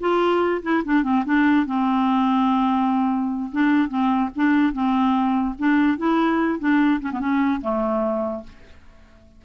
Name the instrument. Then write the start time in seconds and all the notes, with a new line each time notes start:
clarinet
0.00 F4
0.63 E4
0.85 D4
1.03 C4
1.26 D4
1.66 C4
3.52 D4
3.89 C4
4.36 D4
4.73 C4
5.58 D4
5.98 E4
6.60 D4
7.01 C#4
7.12 B3
7.20 C#4
7.61 A3